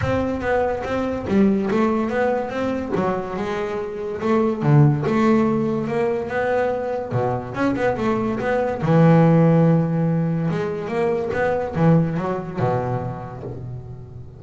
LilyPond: \new Staff \with { instrumentName = "double bass" } { \time 4/4 \tempo 4 = 143 c'4 b4 c'4 g4 | a4 b4 c'4 fis4 | gis2 a4 d4 | a2 ais4 b4~ |
b4 b,4 cis'8 b8 a4 | b4 e2.~ | e4 gis4 ais4 b4 | e4 fis4 b,2 | }